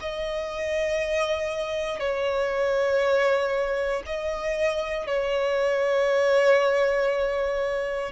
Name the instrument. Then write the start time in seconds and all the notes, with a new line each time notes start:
violin
0.00 D#5
1.99 C#5
4.05 D#5
5.06 C#5